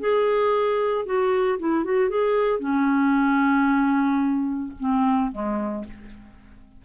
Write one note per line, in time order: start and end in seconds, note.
0.00 1.05 G#4
1.05 1.59 F#4
1.59 1.84 E4
1.84 2.09 F#4
2.09 2.59 G#4
2.59 4.72 C#4
4.80 5.32 C4
5.32 5.85 G#3